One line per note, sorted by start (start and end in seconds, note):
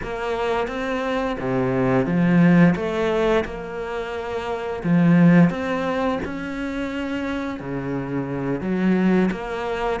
0.02 0.67 A#3
0.67 1.36 C4
1.39 2.05 C3
2.05 2.74 F3
2.75 3.44 A3
3.45 4.82 A#3
4.83 5.50 F3
5.50 6.19 C4
6.24 7.60 C#4
7.60 8.61 C#3
8.61 9.29 F#3
9.31 10.00 A#3